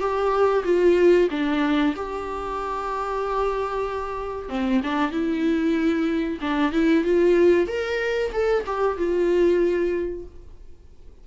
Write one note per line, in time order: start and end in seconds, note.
0.00 0.64 G4
0.65 1.29 F4
1.31 1.95 D4
1.96 4.49 G4
4.49 4.81 C4
4.83 5.12 D4
5.12 6.39 E4
6.41 6.72 D4
6.72 7.04 E4
7.04 7.68 F4
7.68 8.32 A#4
8.33 8.65 A4
8.67 8.98 G4
8.98 10.25 F4